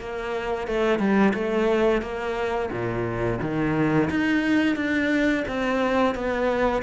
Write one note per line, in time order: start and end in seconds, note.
0.00 0.68 A#3
0.68 0.99 A3
0.99 1.33 G3
1.34 2.02 A3
2.02 2.70 A#3
2.71 3.40 A#2
3.42 4.10 D#3
4.10 4.76 D#4
4.76 5.44 D4
5.48 6.15 C4
6.15 6.83 B3